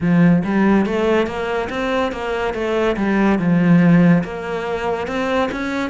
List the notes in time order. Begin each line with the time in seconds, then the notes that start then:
0.00 F3
0.44 G3
0.86 A3
1.26 A#3
1.69 C4
2.12 A#3
2.54 A3
2.96 G3
3.38 F3
4.23 A#3
5.07 C4
5.51 C#4